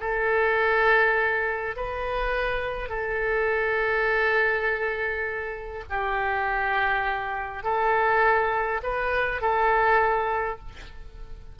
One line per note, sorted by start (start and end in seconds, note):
0.00 1.76 A4
1.76 2.89 B4
2.89 5.83 A4
5.89 7.63 G4
7.63 8.81 A4
8.83 9.41 B4
9.41 10.59 A4